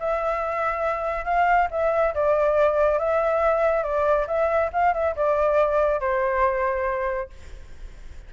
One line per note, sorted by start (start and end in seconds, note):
0.00 1.25 E5
1.25 1.68 F5
1.71 2.14 E5
2.15 2.99 D5
2.99 3.84 E5
3.84 4.27 D5
4.28 4.71 E5
4.73 4.94 F5
4.94 5.16 E5
5.16 6.01 D5
6.01 7.30 C5